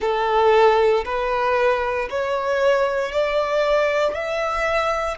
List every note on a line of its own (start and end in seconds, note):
0.00 1.04 A4
1.04 2.08 B4
2.10 3.11 C#5
3.11 4.14 D5
4.14 5.17 E5